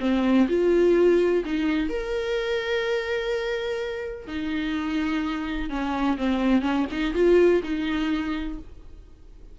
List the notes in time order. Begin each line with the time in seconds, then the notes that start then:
0.00 C4
0.48 F4
1.45 D#4
1.89 A#4
4.27 D#4
5.69 C#4
6.17 C4
6.61 C#4
6.91 D#4
7.14 F4
7.63 D#4